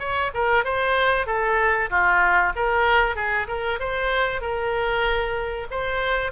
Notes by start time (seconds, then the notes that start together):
0.00 C#5
0.35 A#4
0.65 C5
1.27 A4
1.90 F4
2.56 A#4
3.16 G#4
3.48 A#4
3.80 C5
4.42 A#4
5.71 C5